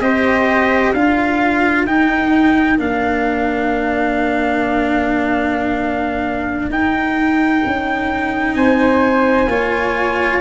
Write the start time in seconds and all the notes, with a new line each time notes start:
0.00 C4 G4 C5 D#5
0.93 D4 F4 A#4 F5
1.86 D#4 G5
2.78 A#3 D4 F5
6.69 D#4 G5
7.65 C#4
8.55 C4 C5 G#5
9.46 A#3 F4 C#5